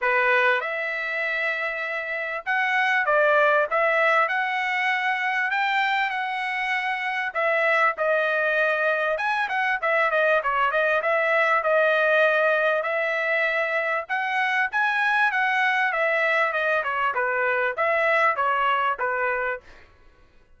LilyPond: \new Staff \with { instrumentName = "trumpet" } { \time 4/4 \tempo 4 = 98 b'4 e''2. | fis''4 d''4 e''4 fis''4~ | fis''4 g''4 fis''2 | e''4 dis''2 gis''8 fis''8 |
e''8 dis''8 cis''8 dis''8 e''4 dis''4~ | dis''4 e''2 fis''4 | gis''4 fis''4 e''4 dis''8 cis''8 | b'4 e''4 cis''4 b'4 | }